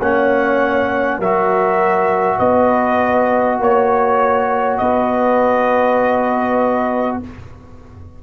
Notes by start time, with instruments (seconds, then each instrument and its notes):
0.00 tuba A#3, trombone C#4, horn C#5, trumpet F#5
1.19 tuba F#3, trombone F#4, horn A#4, trumpet E5
2.39 tuba B3, horn B4, trumpet D#5
3.59 tuba A#3, trumpet C#5, horn C#5
4.78 tuba B3, horn B4, trumpet D#5